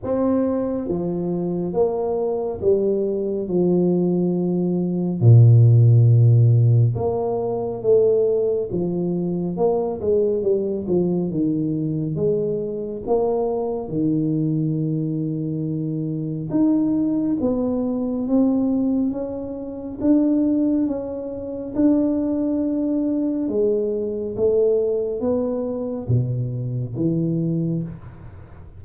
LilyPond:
\new Staff \with { instrumentName = "tuba" } { \time 4/4 \tempo 4 = 69 c'4 f4 ais4 g4 | f2 ais,2 | ais4 a4 f4 ais8 gis8 | g8 f8 dis4 gis4 ais4 |
dis2. dis'4 | b4 c'4 cis'4 d'4 | cis'4 d'2 gis4 | a4 b4 b,4 e4 | }